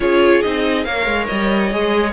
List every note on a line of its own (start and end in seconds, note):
0.00 0.42 C#4
0.00 0.43 F4
0.00 0.85 G#4
0.00 0.41 C#5
0.41 0.86 C4
0.41 0.85 D#4
0.41 0.84 D#5
0.84 1.05 A#3
0.84 1.70 A#4
0.84 2.13 C#5
0.84 1.26 F5
1.05 1.27 G#3
1.27 1.73 G3
1.27 2.12 D#5
1.72 2.13 G#3
1.72 2.13 G#4